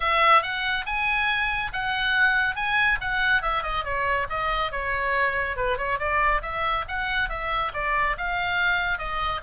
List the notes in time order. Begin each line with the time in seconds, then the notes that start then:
0.00 E5
0.42 F#5
0.86 G#5
1.72 F#5
2.55 G#5
3.00 F#5
3.42 E5
3.62 D#5
3.84 C#5
4.29 D#5
4.71 C#5
5.56 B4
5.77 C#5
5.98 D5
6.41 E5
6.88 F#5
7.29 E5
7.73 D5
8.17 F5
8.98 D#5